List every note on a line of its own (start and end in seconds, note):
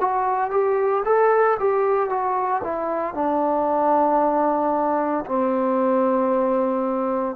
0.00 0.51 F#4
0.51 1.03 G4
1.05 1.57 A4
1.59 2.09 G4
2.09 2.62 F#4
2.63 3.14 E4
3.14 5.25 D4
5.26 7.36 C4